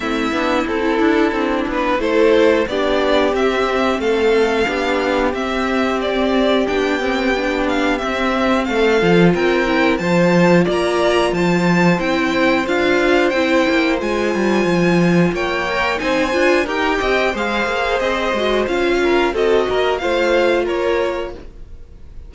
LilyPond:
<<
  \new Staff \with { instrumentName = "violin" } { \time 4/4 \tempo 4 = 90 e''4 a'4. b'8 c''4 | d''4 e''4 f''2 | e''4 d''4 g''4. f''8 | e''4 f''4 g''4 a''4 |
ais''4 a''4 g''4 f''4 | g''4 gis''2 g''4 | gis''4 g''4 f''4 dis''4 | f''4 dis''4 f''4 cis''4 | }
  \new Staff \with { instrumentName = "violin" } { \time 4/4 e'2. a'4 | g'2 a'4 g'4~ | g'1~ | g'4 a'4 ais'4 c''4 |
d''4 c''2.~ | c''2. cis''4 | c''4 ais'8 dis''8 c''2~ | c''8 ais'8 a'8 ais'8 c''4 ais'4 | }
  \new Staff \with { instrumentName = "viola" } { \time 4/4 c'8 d'8 e'4 d'4 e'4 | d'4 c'2 d'4 | c'2 d'8 c'8 d'4 | c'4. f'4 e'8 f'4~ |
f'2 e'4 f'4 | e'4 f'2~ f'8 ais'8 | dis'8 f'8 g'4 gis'4. fis'8 | f'4 fis'4 f'2 | }
  \new Staff \with { instrumentName = "cello" } { \time 4/4 a8 b8 c'8 d'8 c'8 b8 a4 | b4 c'4 a4 b4 | c'2 b2 | c'4 a8 f8 c'4 f4 |
ais4 f4 c'4 d'4 | c'8 ais8 gis8 g8 f4 ais4 | c'8 d'8 dis'8 c'8 gis8 ais8 c'8 gis8 | cis'4 c'8 ais8 a4 ais4 | }
>>